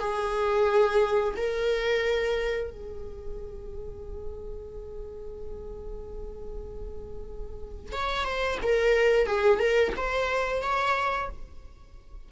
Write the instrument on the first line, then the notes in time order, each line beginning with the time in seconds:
viola
0.00 G#4
1.37 A#4
2.71 G#4
7.92 C#5
8.25 C5
8.63 A#4
9.27 G#4
9.59 A#4
9.97 C5
10.62 C#5